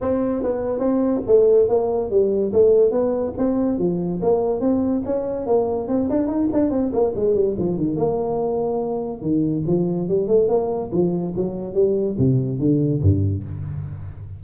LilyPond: \new Staff \with { instrumentName = "tuba" } { \time 4/4 \tempo 4 = 143 c'4 b4 c'4 a4 | ais4 g4 a4 b4 | c'4 f4 ais4 c'4 | cis'4 ais4 c'8 d'8 dis'8 d'8 |
c'8 ais8 gis8 g8 f8 dis8 ais4~ | ais2 dis4 f4 | g8 a8 ais4 f4 fis4 | g4 c4 d4 g,4 | }